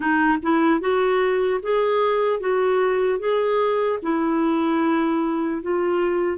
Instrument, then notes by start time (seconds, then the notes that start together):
clarinet
0.00 D#4
0.42 E4
0.80 F#4
1.62 G#4
2.40 F#4
3.19 G#4
4.02 E4
5.62 F4